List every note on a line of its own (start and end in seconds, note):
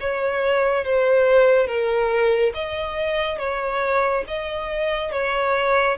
0.00 0.85 C#5
0.85 1.67 C5
1.67 2.52 A#4
2.54 3.38 D#5
3.38 4.24 C#5
4.27 5.12 D#5
5.12 5.97 C#5